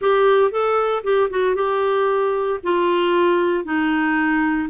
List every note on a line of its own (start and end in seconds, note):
0.01 0.51 G4
0.51 1.03 A4
1.03 1.29 G4
1.29 1.55 F#4
1.55 2.59 G4
2.63 3.64 F4
3.64 4.68 D#4